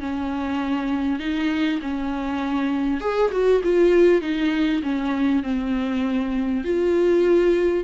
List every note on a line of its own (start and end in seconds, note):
0.00 1.19 C#4
1.19 1.80 D#4
1.82 3.01 C#4
3.01 3.31 G#4
3.32 3.62 F#4
3.64 4.21 F4
4.21 4.82 D#4
4.83 5.43 C#4
5.43 6.64 C4
6.64 7.84 F4